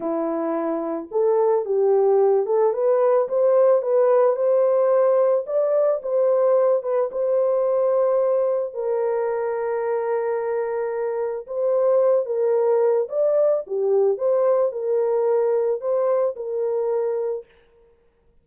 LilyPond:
\new Staff \with { instrumentName = "horn" } { \time 4/4 \tempo 4 = 110 e'2 a'4 g'4~ | g'8 a'8 b'4 c''4 b'4 | c''2 d''4 c''4~ | c''8 b'8 c''2. |
ais'1~ | ais'4 c''4. ais'4. | d''4 g'4 c''4 ais'4~ | ais'4 c''4 ais'2 | }